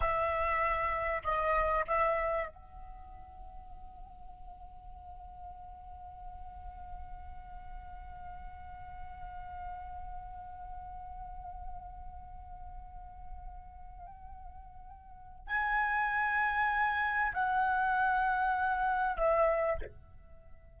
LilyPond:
\new Staff \with { instrumentName = "flute" } { \time 4/4 \tempo 4 = 97 e''2 dis''4 e''4 | fis''1~ | fis''1~ | fis''1~ |
fis''1~ | fis''1~ | fis''4 gis''2. | fis''2. e''4 | }